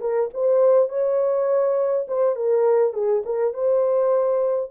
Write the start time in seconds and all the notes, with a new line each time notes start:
0.00 A#4
0.33 C5
0.89 C#5
2.07 C5
2.35 A#4
2.93 G#4
3.25 A#4
3.53 C5